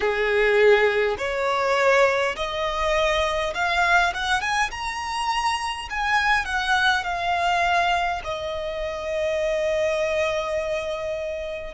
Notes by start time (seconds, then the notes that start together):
0.00 G#4
1.18 C#5
2.35 D#5
3.54 F5
4.13 F#5
4.41 G#5
4.71 A#5
5.90 G#5
6.45 F#5
7.04 F5
8.24 D#5